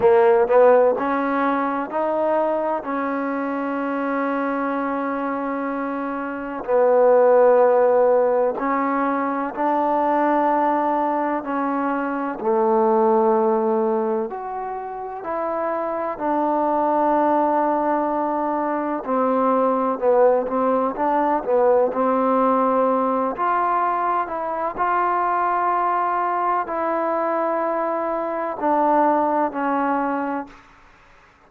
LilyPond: \new Staff \with { instrumentName = "trombone" } { \time 4/4 \tempo 4 = 63 ais8 b8 cis'4 dis'4 cis'4~ | cis'2. b4~ | b4 cis'4 d'2 | cis'4 a2 fis'4 |
e'4 d'2. | c'4 b8 c'8 d'8 b8 c'4~ | c'8 f'4 e'8 f'2 | e'2 d'4 cis'4 | }